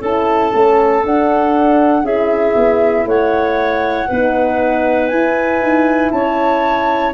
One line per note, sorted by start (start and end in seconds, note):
0.00 0.52 C#4
0.00 0.52 E4
0.00 2.03 A4
0.00 1.06 A5
0.52 1.04 A3
0.52 1.03 C#4
1.04 2.04 D4
1.04 2.06 D4
1.04 2.06 F#5
2.04 2.55 C#4
2.04 4.09 E4
2.04 3.06 G#4
2.04 3.08 E5
2.56 3.05 B3
3.05 4.07 A3
3.05 4.08 C#5
3.05 5.08 F#5
4.08 5.12 B3
4.08 5.13 D#4
4.08 6.12 B4
5.08 5.61 E4
5.08 7.14 E4
5.08 6.10 G#5
5.61 6.12 D#4
6.11 7.14 C#4
6.11 7.14 C#5
6.11 7.13 A5